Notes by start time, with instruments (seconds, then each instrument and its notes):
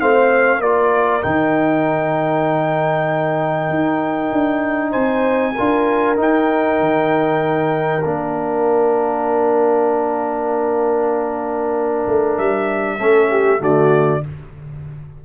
0.00 tuba A3, trombone C4, horn C5, trumpet F5
0.60 tuba A#3, trombone F4, horn A#4, trumpet D5
1.22 tuba D#3, trombone D#4, trumpet G5
3.69 tuba D#4
4.32 tuba D4
4.91 tuba C4, horn C5, trumpet G#5
5.55 tuba D4, trombone F4, horn A#4
6.16 trombone D#4, tuba D#4, trumpet G5
6.80 tuba D#3
8.05 tuba A#3, trombone D4, trumpet F5
12.07 tuba A3
12.38 tuba G3, trumpet E5
12.99 tuba A3, trombone C#4, horn A4
13.30 horn G4
13.59 tuba D3, trombone A3, horn F#4, trumpet D5